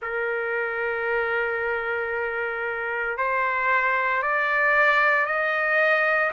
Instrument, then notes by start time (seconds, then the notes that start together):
trumpet
0.01 A#4
3.17 C5
4.22 D5
5.26 D#5